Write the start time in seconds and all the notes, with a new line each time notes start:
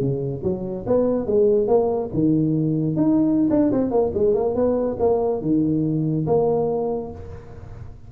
0.00 C#3
0.43 F#3
0.87 B3
1.26 G#3
1.67 A#3
2.13 D#3
2.96 D#4
3.50 D4
3.72 C4
3.91 A#3
4.14 G#3
4.34 A#3
4.55 B3
4.99 A#3
5.41 D#3
6.27 A#3